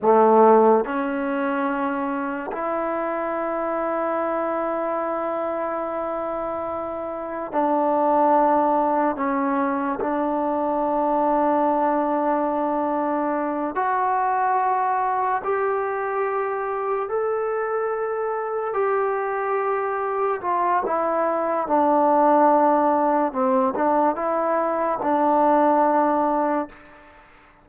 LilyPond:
\new Staff \with { instrumentName = "trombone" } { \time 4/4 \tempo 4 = 72 a4 cis'2 e'4~ | e'1~ | e'4 d'2 cis'4 | d'1~ |
d'8 fis'2 g'4.~ | g'8 a'2 g'4.~ | g'8 f'8 e'4 d'2 | c'8 d'8 e'4 d'2 | }